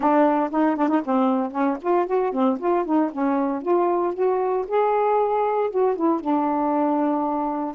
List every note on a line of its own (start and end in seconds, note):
0.00 0.50 D4
0.51 0.76 D#4
0.76 0.88 D4
0.88 1.01 D#4
1.04 1.51 C4
1.51 1.77 C#4
1.81 2.06 F4
2.06 2.32 F#4
2.32 2.58 C4
2.59 2.85 F4
2.85 3.11 D#4
3.11 3.62 C#4
3.62 4.14 F4
4.14 4.65 F#4
4.67 5.70 G#4
5.70 5.96 F#4
5.96 6.20 E4
6.20 7.74 D4